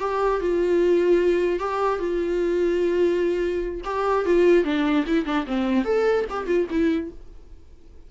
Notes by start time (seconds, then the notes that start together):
0.00 G4
0.41 F4
1.59 G4
1.99 F4
3.85 G4
4.25 F4
4.64 D4
5.07 E4
5.25 D4
5.47 C4
5.85 A4
6.30 G4
6.47 F4
6.70 E4